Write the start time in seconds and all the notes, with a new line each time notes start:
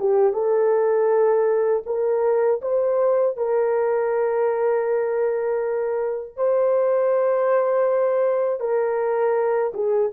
0.00 G4
0.33 A4
1.86 A#4
2.62 C5
3.37 A#4
6.36 C5
8.60 A#4
9.74 G#4